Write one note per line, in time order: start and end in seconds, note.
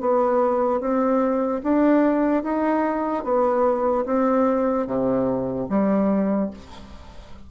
0.00 0.80 B3
0.80 1.61 C4
1.63 2.43 D4
2.43 3.24 D#4
3.24 4.05 B3
4.05 4.86 C4
4.86 5.68 C3
5.69 6.50 G3